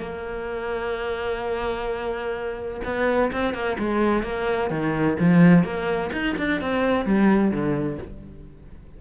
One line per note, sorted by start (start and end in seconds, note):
0.00 2.81 A#3
2.85 3.32 B3
3.32 3.54 C4
3.54 3.78 A#3
3.79 4.24 G#3
4.24 4.70 A#3
4.71 5.18 D#3
5.20 5.64 F3
5.64 6.11 A#3
6.13 6.36 D#4
6.38 6.61 D4
6.61 7.06 C4
7.06 7.52 G3
7.52 7.99 D3